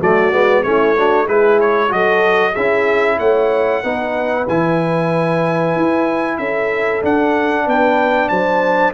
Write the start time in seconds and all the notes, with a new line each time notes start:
0.00 F#3 A3 F#4 D5
0.32 G#3 B3
0.63 A3 C#4 E4 C#5
0.97 D4 F#4
1.24 G#3 E4 G#4 B4
1.61 C#5
1.89 F#3 F#4 A4 D#5
2.52 C#4 G#4 E5
2.59 E4
3.19 A3 C#5 F#5
3.84 B3 D#4 B4
4.49 E3 E4 G#5
5.76 E4
6.38 C#4 A4 E5
7.02 D4 F#5
7.66 B3 B4 G5
8.29 F#3 C5 A5